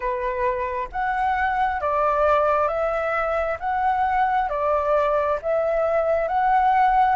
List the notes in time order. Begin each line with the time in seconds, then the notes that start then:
0.00 B4
0.92 F#5
1.80 D5
2.67 E5
3.59 F#5
4.49 D5
5.41 E5
6.28 F#5